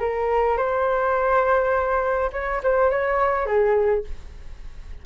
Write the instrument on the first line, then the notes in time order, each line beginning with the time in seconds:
flute
0.00 A#4
0.58 C5
2.33 C#5
2.64 C5
2.91 C#5
3.46 G#4